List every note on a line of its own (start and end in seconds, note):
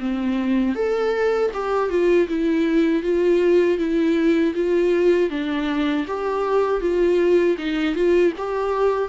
0.00 0.76 C4
0.76 1.52 A4
1.54 1.90 G4
1.90 2.28 F4
2.29 3.03 E4
3.03 3.78 F4
3.78 4.54 E4
4.55 5.31 F4
5.31 6.07 D4
6.08 6.81 G4
6.81 7.57 F4
7.58 7.95 D#4
7.95 8.33 F4
8.38 9.09 G4